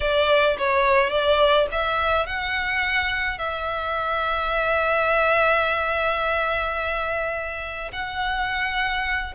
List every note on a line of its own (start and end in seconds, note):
0.00 0.57 D5
0.58 1.10 C#5
1.10 1.66 D5
1.71 2.26 E5
2.26 3.38 F#5
3.38 7.91 E5
7.92 9.34 F#5